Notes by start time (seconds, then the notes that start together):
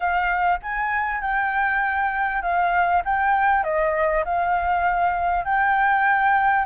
0.00 F5
0.62 G#5
1.21 G5
2.41 F5
3.04 G5
3.63 D#5
4.24 F5
5.45 G5